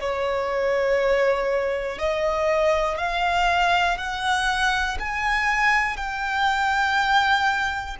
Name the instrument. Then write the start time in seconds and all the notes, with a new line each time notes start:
violin
0.00 C#5
1.99 D#5
2.98 F5
3.97 F#5
5.00 G#5
5.97 G5